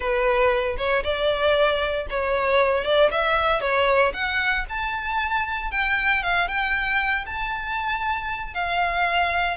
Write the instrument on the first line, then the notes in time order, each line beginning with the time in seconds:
violin
0.00 B4
0.77 C#5
1.03 D5
2.09 C#5
2.84 D5
3.11 E5
3.61 C#5
4.13 F#5
4.69 A5
5.71 G5
6.23 F5
6.47 G5
7.26 A5
8.53 F5